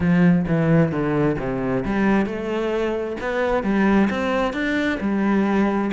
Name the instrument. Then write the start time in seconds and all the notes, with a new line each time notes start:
cello
0.00 F3
0.47 E3
0.91 D3
1.39 C3
1.85 G3
2.26 A3
3.20 B3
3.63 G3
4.10 C4
4.53 D4
5.00 G3